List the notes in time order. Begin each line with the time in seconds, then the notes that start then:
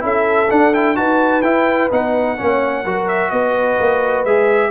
0.00 C#4 E4 A4 E5
0.50 D4 F#5
0.74 E4 G5
0.96 D#4 F#4 B4 A5
1.42 E4 G5
1.91 B3 D#4 F#5
2.38 A#3 C#4 C#5
2.84 F#3 F#4 A#4
3.08 E5
3.31 B3 B4 D#5
3.79 A#3
4.25 G#3 G#4 E5